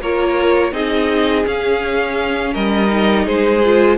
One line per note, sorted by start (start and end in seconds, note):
0.00 0.72 A#3
0.00 0.72 F4
0.00 0.73 A#4
0.00 0.73 C#5
0.72 1.44 C4
0.72 1.44 D#4
0.72 2.53 G#4
0.72 1.45 D#5
1.44 2.87 C#4
1.44 2.55 C#4
1.44 2.54 F5
2.53 3.27 G3
2.53 3.25 A#4
2.53 3.26 D#5
2.87 3.60 D#4
3.25 3.98 G#3
3.25 3.98 G#4
3.25 3.98 C5
3.65 3.98 F4